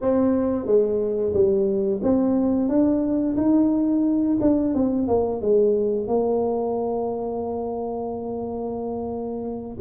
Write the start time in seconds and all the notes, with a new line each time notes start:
0.01 C4
0.66 G#3
1.33 G3
2.03 C4
2.68 D4
3.36 D#4
4.41 D4
4.74 C4
5.07 A#3
5.41 G#3
6.07 A#3